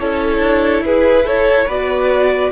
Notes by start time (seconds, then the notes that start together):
0.00 C#4 E4 A4 C#5
0.39 D4
0.81 E4 G#4 B4
1.25 A4 C#5
1.66 B3 F#4 B4 D5